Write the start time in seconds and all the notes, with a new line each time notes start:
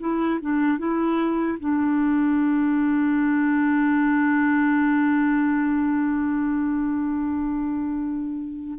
0.00 E4
0.41 D4
0.79 E4
1.60 D4